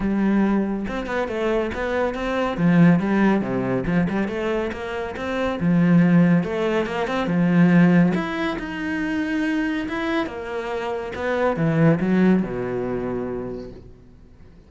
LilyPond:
\new Staff \with { instrumentName = "cello" } { \time 4/4 \tempo 4 = 140 g2 c'8 b8 a4 | b4 c'4 f4 g4 | c4 f8 g8 a4 ais4 | c'4 f2 a4 |
ais8 c'8 f2 e'4 | dis'2. e'4 | ais2 b4 e4 | fis4 b,2. | }